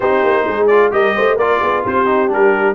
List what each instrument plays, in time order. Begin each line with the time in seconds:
0.00 tuba C4, trombone D#4, horn G4, trumpet C5
0.23 tuba A#3
0.47 tuba G#3, horn G#4
0.67 trombone F4, trumpet D5
0.91 tuba G3, trombone G4, horn A#4, trumpet D#5
1.15 tuba A3, horn C5
1.36 tuba A#3, trombone F4, horn A#4, trumpet D5
1.60 tuba B3, horn G#4
1.84 tuba C4, horn G4, trumpet C5
2.05 trombone D#4
2.28 tuba G3, trombone D4, trumpet A#4